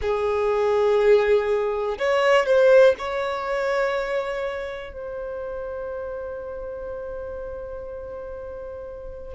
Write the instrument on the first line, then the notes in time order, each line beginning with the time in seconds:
violin
0.01 G#4
1.98 C#5
2.45 C5
2.98 C#5
4.93 C5